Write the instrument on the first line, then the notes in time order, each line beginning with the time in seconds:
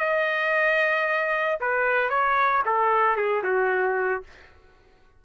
trumpet
0.00 D#5
1.61 B4
2.10 C#5
2.66 A4
3.16 G#4
3.43 F#4